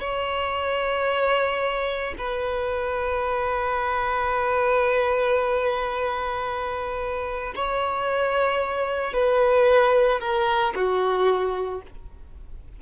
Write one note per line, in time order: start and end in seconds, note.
0.00 2.14 C#5
2.18 7.54 B4
7.55 9.13 C#5
9.13 10.20 B4
10.20 10.74 A#4
10.75 11.82 F#4